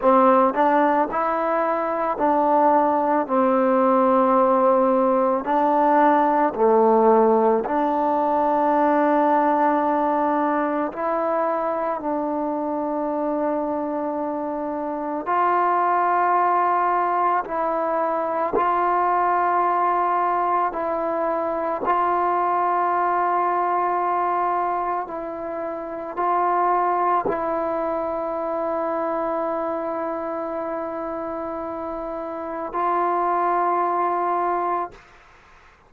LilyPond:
\new Staff \with { instrumentName = "trombone" } { \time 4/4 \tempo 4 = 55 c'8 d'8 e'4 d'4 c'4~ | c'4 d'4 a4 d'4~ | d'2 e'4 d'4~ | d'2 f'2 |
e'4 f'2 e'4 | f'2. e'4 | f'4 e'2.~ | e'2 f'2 | }